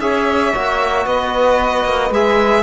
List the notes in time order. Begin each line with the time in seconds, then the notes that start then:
0.00 C#4 G#4 C#5 E5
0.54 A#3 F#4
1.06 B3 B4 D#5
1.85 A#3
2.10 G#3 G#4 E5